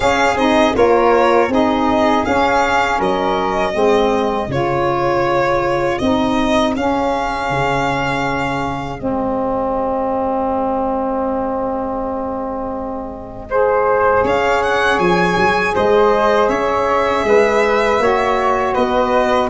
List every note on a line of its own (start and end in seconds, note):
0.00 0.34 C#4
0.00 0.36 C#4
0.00 0.74 G#4
0.00 0.36 F5
0.36 0.73 C4
0.36 0.73 D#4
0.36 0.75 D#5
0.73 1.48 A#3
0.73 1.48 F4
0.73 1.51 A#4
0.73 1.51 C#5
1.48 2.23 C4
1.48 2.25 D#4
1.48 2.98 G#4
1.48 2.25 D#5
2.25 3.72 C#4
2.25 2.99 C#4
2.25 3.00 F5
2.98 3.74 F#3
2.98 3.73 A#4
2.98 4.51 D#5
3.72 4.48 G#3
3.72 4.47 C4
3.72 13.48 G#4
4.48 5.98 C#3
4.48 6.00 F4
4.48 5.98 C#5
5.98 6.75 C4
5.98 6.76 D#4
5.98 6.73 D#5
6.75 7.50 C#4
6.75 8.97 C#4
6.75 8.99 F5
7.50 9.00 C#3
8.97 14.23 G#3
8.97 13.47 C4
8.97 14.24 D#5
13.50 17.99 G#4
13.50 14.23 C5
14.23 14.98 C#4
14.23 15.73 C#5
14.23 14.62 F5
14.62 14.99 F#5
14.98 15.35 F3
14.98 15.74 G#5
15.36 15.74 F#3
15.74 16.49 G#3
15.74 16.49 C5
15.74 16.48 D#5
16.48 17.24 C#4
16.48 17.24 C#5
16.48 18.73 E5
17.24 17.99 G#3
17.24 18.02 B4
17.99 18.74 A#3
17.99 19.49 F#4
17.99 18.74 C#5
18.74 19.50 B3
18.74 19.49 B4
18.74 19.49 D#5